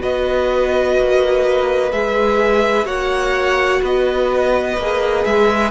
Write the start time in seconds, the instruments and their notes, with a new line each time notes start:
0.00 cello B3, viola F#4, violin B4 D#5
0.99 cello A#3
1.92 cello G#3, viola G#4, violin E5
2.85 cello A#3, viola F#4, violin C#5 F#5
3.82 cello B3, violin B4 D#5
4.78 cello A#3, viola G#4
5.25 cello G#3, violin E5